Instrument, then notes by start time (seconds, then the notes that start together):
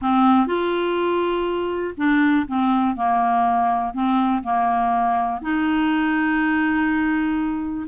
clarinet
0.01 C4
0.46 F4
1.97 D4
2.47 C4
2.96 A#3
3.93 C4
4.43 A#3
5.41 D#4